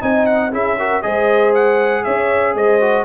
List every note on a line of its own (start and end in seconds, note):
0.00 0.52 C4
0.00 0.51 D#4
0.00 0.52 D#5
0.00 0.26 G#5
0.26 0.51 F#5
0.51 1.03 C#4
0.51 0.77 E4
0.51 0.78 G#4
0.51 1.02 E5
0.79 1.03 F#4
0.79 1.04 A#4
1.02 2.05 G#3
1.02 2.81 G#4
1.02 2.04 C5
1.02 1.53 D#5
1.54 2.04 F#5
2.04 2.54 C#4
2.04 2.55 C#5
2.04 2.54 E5
2.54 3.04 G#3
2.54 3.04 C5
2.54 3.04 D#5
2.81 3.04 F#4